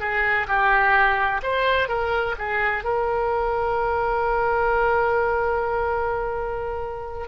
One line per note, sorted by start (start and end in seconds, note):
0.00 0.47 G#4
0.48 1.41 G4
1.43 1.88 C5
1.88 2.35 A#4
2.39 2.84 G#4
2.84 7.28 A#4